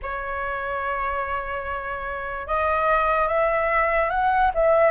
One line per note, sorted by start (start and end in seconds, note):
0.02 2.47 C#5
2.47 3.28 D#5
3.28 4.09 E5
4.09 4.51 F#5
4.54 4.91 E5